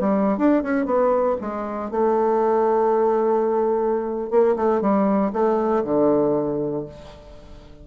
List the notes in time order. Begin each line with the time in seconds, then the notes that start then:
0.00 G3
0.37 D4
0.63 C#4
0.86 B3
1.41 G#3
1.91 A3
4.30 A#3
4.56 A3
4.81 G3
5.33 A3
5.84 D3